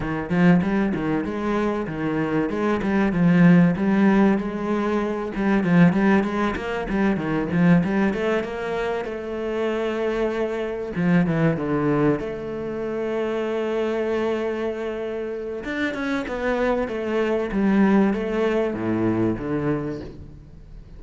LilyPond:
\new Staff \with { instrumentName = "cello" } { \time 4/4 \tempo 4 = 96 dis8 f8 g8 dis8 gis4 dis4 | gis8 g8 f4 g4 gis4~ | gis8 g8 f8 g8 gis8 ais8 g8 dis8 | f8 g8 a8 ais4 a4.~ |
a4. f8 e8 d4 a8~ | a1~ | a4 d'8 cis'8 b4 a4 | g4 a4 a,4 d4 | }